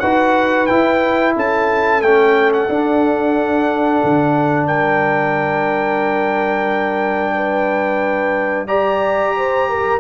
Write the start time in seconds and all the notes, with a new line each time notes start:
0.00 D#4 F#4 B4 F#5
0.67 E4 G5
1.36 C#4 A4 A5
2.02 A3 C#4 G5
2.53 F#5
2.69 D4
4.04 D3
4.67 G3 A#4 G5
7.35 B4
8.68 G4 D5 A#5
9.37 C5
9.70 A#4